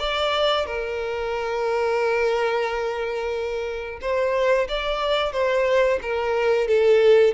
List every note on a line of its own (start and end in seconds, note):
0.00 0.66 D5
0.66 4.00 A#4
4.02 4.68 C5
4.69 5.33 D5
5.33 6.00 C5
6.02 6.68 A#4
6.68 7.35 A4